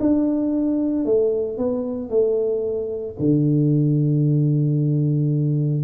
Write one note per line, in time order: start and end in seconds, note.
0.00 1.05 D4
1.05 1.58 A3
1.58 2.10 B3
2.10 3.16 A3
3.19 5.84 D3